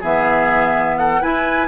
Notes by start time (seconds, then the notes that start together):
0.00 E3 B3 G#4 E5
0.98 A4 F#5
1.21 E4 B4 G#5